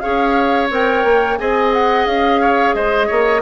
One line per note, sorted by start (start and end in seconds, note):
0.00 0.70 C#4
0.00 0.69 G#4
0.00 1.39 C#5
0.00 0.68 F5
0.70 1.04 C4
0.70 1.38 A#4
0.70 1.37 G5
1.04 1.38 A#3
1.37 2.06 C4
1.37 3.42 G#4
1.37 2.41 D#5
1.37 1.72 G#5
1.73 2.06 F#5
2.06 2.74 C#4
2.06 2.74 F5
2.41 2.75 C#5
2.74 3.09 G#3
2.74 3.07 C5
2.74 3.42 D#5
3.07 3.42 A#3
3.07 3.41 C#5